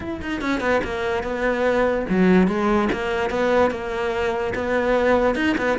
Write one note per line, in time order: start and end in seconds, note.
0.00 0.21 E4
0.21 0.41 D#4
0.41 0.60 C#4
0.60 0.81 B3
0.84 1.23 A#3
1.23 2.05 B3
2.09 2.47 F#3
2.47 2.89 G#3
2.92 3.30 A#3
3.30 3.70 B3
3.70 4.53 A#3
4.54 5.35 B3
5.35 5.55 D#4
5.57 5.78 B3